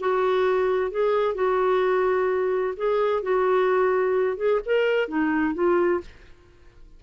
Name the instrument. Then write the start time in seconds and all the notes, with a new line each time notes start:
clarinet
0.00 F#4
0.91 G#4
1.35 F#4
2.77 G#4
3.23 F#4
4.37 G#4
4.66 A#4
5.09 D#4
5.55 F4